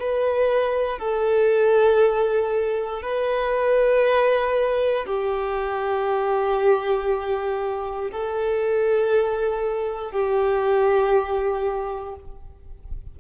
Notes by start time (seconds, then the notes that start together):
0.00 B4
0.99 A4
3.03 B4
5.06 G4
8.12 A4
10.12 G4